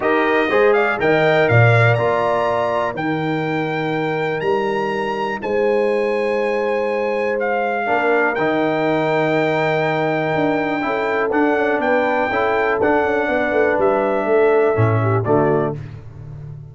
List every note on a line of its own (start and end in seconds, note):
0.00 0.48 D#4
0.00 0.47 G4
0.00 0.49 A#4
0.00 0.73 D#5
0.49 0.99 G#3
0.49 0.99 G#4
0.49 0.74 C5
0.73 0.99 D5
0.73 0.97 F5
0.99 1.48 D#3
0.99 1.97 A#4
0.99 1.50 D#5
0.99 1.48 G5
1.48 1.98 A#2
1.48 2.94 D5
1.48 1.94 F5
1.94 2.94 A#3
1.94 2.95 F4
1.94 2.92 A#5
2.94 4.41 D#3
2.94 7.86 D#4
2.94 5.40 A#4
2.94 4.40 G5
4.40 5.39 G3
4.40 5.39 A#5
5.41 7.88 G#3
5.41 7.86 C5
5.41 7.38 G#5
7.39 8.34 F5
7.86 8.37 A#3
7.86 8.35 D4
7.86 10.81 A#4
8.34 10.34 D#3
8.34 10.81 D#4
8.34 11.30 G5
10.35 10.84 D4
10.81 11.32 C#4
10.81 11.30 E4
10.81 11.82 A4
11.31 12.30 D4
11.31 11.55 D4
11.31 11.80 F#5
11.55 11.78 C#4
11.78 12.27 B3
11.78 12.29 B4
11.78 12.79 G5
12.29 12.79 C#4
12.29 12.81 E4
12.29 13.27 A4
12.79 13.03 D4
12.79 14.75 D4
12.79 13.79 F#5
13.03 13.28 C#4
13.28 13.52 B3
13.28 14.27 B4
13.52 13.76 A3
13.78 14.25 G3
13.78 15.24 E5
14.25 14.74 A3
14.25 15.02 A4
14.75 15.25 A2
14.75 15.24 C#4
15.02 15.24 G4
15.24 15.75 D3
15.24 15.74 A3
15.24 15.73 F#4
15.24 15.73 D5